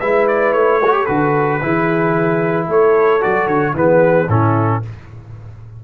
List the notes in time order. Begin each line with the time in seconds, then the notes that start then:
0.00 G#3 E4 B4 E5
0.28 D5
0.53 A3 C#5
0.82 F#4 A4
0.93 G4
1.06 D3 F#4 B4
1.63 E3 E4 G#4
2.66 A3 A4 C#5
3.21 F#3 F#4 D5
3.47 D3 C#5
3.74 E3 B3 G#4 B4
4.28 A2 C#4 E4 A4